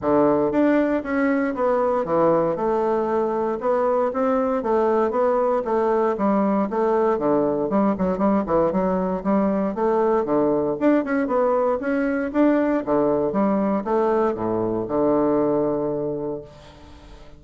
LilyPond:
\new Staff \with { instrumentName = "bassoon" } { \time 4/4 \tempo 4 = 117 d4 d'4 cis'4 b4 | e4 a2 b4 | c'4 a4 b4 a4 | g4 a4 d4 g8 fis8 |
g8 e8 fis4 g4 a4 | d4 d'8 cis'8 b4 cis'4 | d'4 d4 g4 a4 | a,4 d2. | }